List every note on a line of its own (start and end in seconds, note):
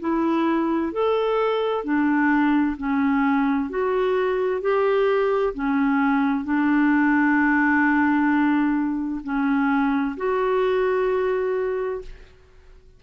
0.00 0.92 E4
0.92 1.84 A4
1.84 2.76 D4
2.77 3.69 C#4
3.69 4.61 F#4
4.61 5.53 G4
5.54 6.44 C#4
6.44 9.21 D4
9.23 10.15 C#4
10.17 12.01 F#4